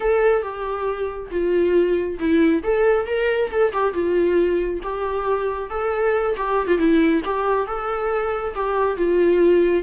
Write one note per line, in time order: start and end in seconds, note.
0.00 0.42 A4
0.42 1.30 G4
1.31 2.18 F4
2.19 2.63 E4
2.63 3.06 A4
3.06 3.50 A#4
3.50 3.72 A4
3.72 3.93 G4
3.93 4.80 F4
4.83 5.70 G4
5.70 6.35 A4
6.36 6.67 G4
6.67 6.77 F4
6.77 7.21 E4
7.24 7.66 G4
7.66 8.54 A4
8.54 8.96 G4
8.96 9.83 F4